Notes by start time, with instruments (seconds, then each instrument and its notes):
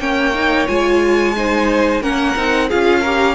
0.00 cello A#3, viola C#4, violin C#5 G5
0.35 viola D#4
0.68 cello G#3, viola F4, violin G#5
1.37 viola D#4, violin C5
2.02 cello A#3, viola C#4, violin A#4 F#5
2.37 cello C4, viola D#4
2.69 cello C#4, viola F4, violin G#4 F5
3.01 viola G4, violin A#4